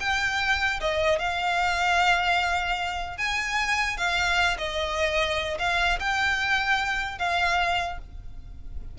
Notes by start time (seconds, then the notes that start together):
0.00 G5
0.80 D#5
1.18 F5
3.17 G#5
3.97 F5
4.58 D#5
5.59 F5
5.99 G5
7.18 F5